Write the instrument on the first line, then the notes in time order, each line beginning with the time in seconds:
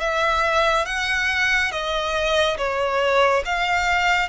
violin
0.00 E5
0.86 F#5
1.71 D#5
2.58 C#5
3.45 F5